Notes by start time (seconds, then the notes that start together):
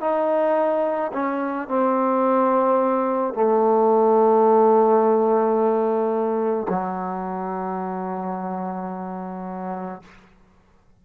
0.00 D#4
1.13 C#4
1.68 C4
3.33 A3
6.68 F#3